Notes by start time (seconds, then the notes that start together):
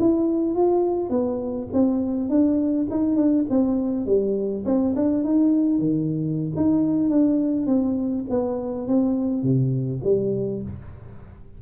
0.00 E4
0.55 F4
1.10 B3
1.73 C4
2.30 D4
2.91 D#4
3.16 D4
3.50 C4
4.06 G3
4.65 C4
4.96 D4
5.25 D#4
5.79 D#3
6.56 D#4
7.10 D4
7.67 C4
8.30 B3
8.88 C4
9.43 C3
10.04 G3